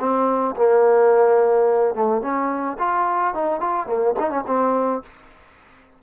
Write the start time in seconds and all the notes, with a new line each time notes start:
0.00 C4
0.56 A#3
1.95 A3
2.22 C#4
2.79 F4
3.35 D#4
3.61 F4
3.87 A#3
4.19 D#4
4.31 C#4
4.47 C4